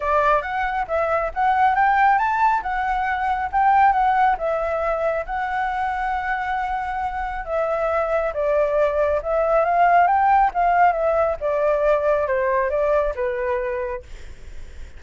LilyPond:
\new Staff \with { instrumentName = "flute" } { \time 4/4 \tempo 4 = 137 d''4 fis''4 e''4 fis''4 | g''4 a''4 fis''2 | g''4 fis''4 e''2 | fis''1~ |
fis''4 e''2 d''4~ | d''4 e''4 f''4 g''4 | f''4 e''4 d''2 | c''4 d''4 b'2 | }